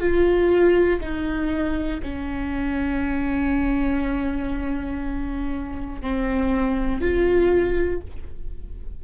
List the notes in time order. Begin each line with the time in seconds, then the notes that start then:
0.00 F4
1.01 D#4
2.03 C#4
6.01 C4
7.01 F4